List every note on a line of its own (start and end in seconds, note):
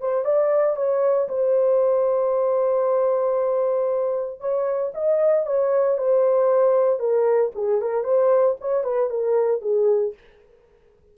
0.00 0.24 C5
0.24 0.76 D5
0.76 1.28 C#5
1.29 4.40 C5
4.40 4.92 C#5
4.94 5.46 D#5
5.46 5.98 C#5
5.98 6.99 C5
6.99 7.51 A#4
7.55 7.81 G#4
7.81 8.03 A#4
8.03 8.56 C5
8.61 8.84 C#5
8.84 9.09 B4
9.09 9.61 A#4
9.61 10.14 G#4